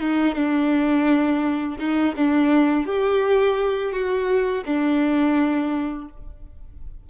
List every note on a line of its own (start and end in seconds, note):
0.00 0.35 D#4
0.35 1.78 D4
1.79 2.15 D#4
2.17 2.86 D4
2.86 3.93 G4
3.93 4.64 F#4
4.66 6.08 D4